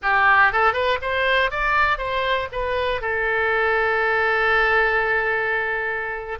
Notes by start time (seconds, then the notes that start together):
0.02 G4
0.52 A4
0.73 B4
1.01 C5
1.50 D5
1.97 C5
2.52 B4
3.01 A4